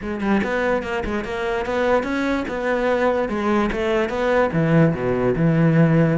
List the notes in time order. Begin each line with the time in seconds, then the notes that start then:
0.01 G#3
0.20 G3
0.43 B3
0.83 A#3
1.04 G#3
1.24 A#3
1.65 B3
2.03 C#4
2.48 B3
3.29 G#3
3.71 A3
4.09 B3
4.52 E3
4.94 B2
5.36 E3